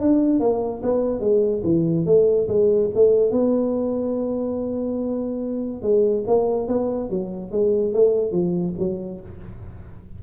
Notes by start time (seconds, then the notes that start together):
0.00 D4
0.40 A#3
0.82 B3
1.20 G#3
1.63 E3
2.05 A3
2.48 G#3
2.94 A3
3.31 B3
5.82 G#3
6.27 A#3
6.68 B3
7.09 F#3
7.51 G#3
7.93 A3
8.32 F3
8.78 F#3